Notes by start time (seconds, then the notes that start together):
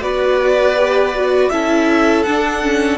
0.00 B3 F#4 B4 D5
0.76 G4
1.15 F#4
1.49 C#4 E4 A4 E5
2.23 D4 F#5
2.62 C#4